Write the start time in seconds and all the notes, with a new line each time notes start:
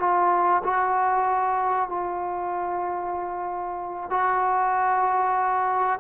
0.00 F4
0.64 F#4
1.89 F4
4.11 F#4